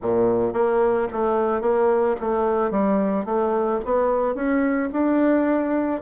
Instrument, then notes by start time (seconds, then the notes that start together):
bassoon
0.01 A#2
0.53 A#3
1.12 A3
1.61 A#3
2.20 A3
2.70 G3
3.25 A3
3.85 B3
4.34 C#4
4.92 D4